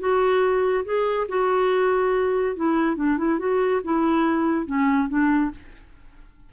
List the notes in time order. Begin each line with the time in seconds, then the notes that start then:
0.00 F#4
0.85 G#4
1.29 F#4
2.56 E4
2.97 D4
3.18 E4
3.39 F#4
3.84 E4
4.67 C#4
5.09 D4